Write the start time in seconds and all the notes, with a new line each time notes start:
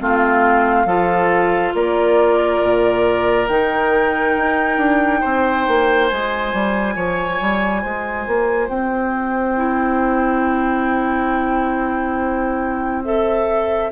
0.00 A3 C4 F4 F5
0.86 F3 F4 A4
1.74 A#3 A#4 D5
2.63 A#2
3.48 D#3 D#4 G5
4.37 D#4
4.78 D4
5.21 C4 C5
5.68 A#3
6.08 G#3 F4 G#5
6.54 G3
6.96 F3 C#5
7.41 G3
7.83 G#3 C5
8.27 A#3
8.69 C4 G5
9.57 E4
13.05 A4 E5